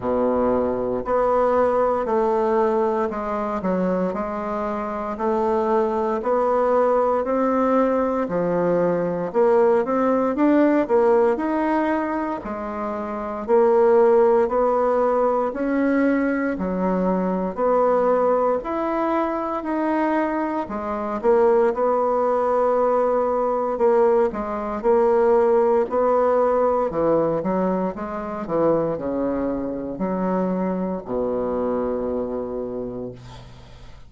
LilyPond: \new Staff \with { instrumentName = "bassoon" } { \time 4/4 \tempo 4 = 58 b,4 b4 a4 gis8 fis8 | gis4 a4 b4 c'4 | f4 ais8 c'8 d'8 ais8 dis'4 | gis4 ais4 b4 cis'4 |
fis4 b4 e'4 dis'4 | gis8 ais8 b2 ais8 gis8 | ais4 b4 e8 fis8 gis8 e8 | cis4 fis4 b,2 | }